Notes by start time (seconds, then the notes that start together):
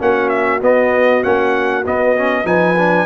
0.00 A#3 C#4 F#4 F#5
0.29 E5
0.62 B3 D#5
1.23 A#3 C#4 F#5
1.86 B3 D#5
2.17 C#4
2.45 F3 D#4 B4 G#5
2.78 D4